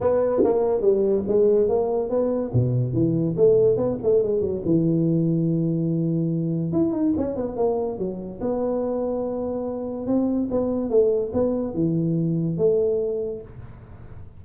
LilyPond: \new Staff \with { instrumentName = "tuba" } { \time 4/4 \tempo 4 = 143 b4 ais4 g4 gis4 | ais4 b4 b,4 e4 | a4 b8 a8 gis8 fis8 e4~ | e1 |
e'8 dis'8 cis'8 b8 ais4 fis4 | b1 | c'4 b4 a4 b4 | e2 a2 | }